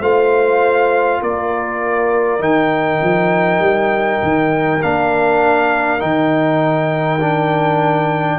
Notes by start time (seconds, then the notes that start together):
0.00 A3 F4 C5 F5
1.22 A#3 A#4 D5
2.40 D#3 D#4 G5
3.02 F3
3.60 G3
4.23 D#3
4.83 A#3 D4 F5
5.99 D#3 D#4 G5
7.21 D4